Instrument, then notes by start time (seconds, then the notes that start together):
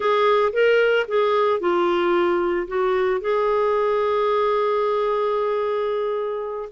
clarinet
0.00 G#4
0.52 A#4
1.08 G#4
1.60 F4
2.67 F#4
3.20 G#4